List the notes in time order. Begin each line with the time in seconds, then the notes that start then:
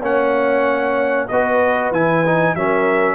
0.00 A#3 C#4 C#5 F#5
1.28 B3 F#4 B4 D#5
1.91 E3 E4 G#5
2.26 D#4
2.55 F#3 C#4 A#4 E5